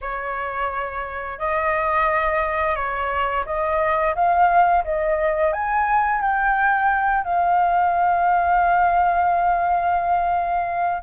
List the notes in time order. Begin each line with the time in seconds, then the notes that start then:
0.01 C#5
1.39 D#5
2.75 C#5
3.45 D#5
4.15 F5
4.84 D#5
5.53 G#5
6.21 G5
7.24 F5